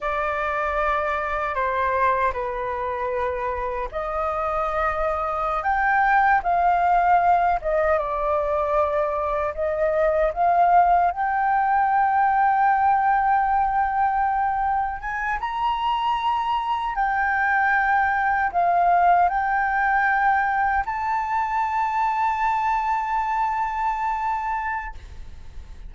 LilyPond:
\new Staff \with { instrumentName = "flute" } { \time 4/4 \tempo 4 = 77 d''2 c''4 b'4~ | b'4 dis''2~ dis''16 g''8.~ | g''16 f''4. dis''8 d''4.~ d''16~ | d''16 dis''4 f''4 g''4.~ g''16~ |
g''2.~ g''16 gis''8 ais''16~ | ais''4.~ ais''16 g''2 f''16~ | f''8. g''2 a''4~ a''16~ | a''1 | }